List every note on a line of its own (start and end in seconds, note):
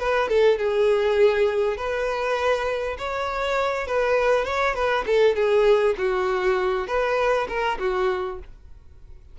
0.00 0.29 B4
0.29 0.59 A4
0.59 1.78 G#4
1.78 2.98 B4
2.99 3.87 C#5
3.87 4.46 B4
4.46 4.75 C#5
4.75 5.05 B4
5.06 5.36 A4
5.36 5.96 G#4
5.98 6.88 F#4
6.88 7.48 B4
7.49 7.79 A#4
7.79 8.39 F#4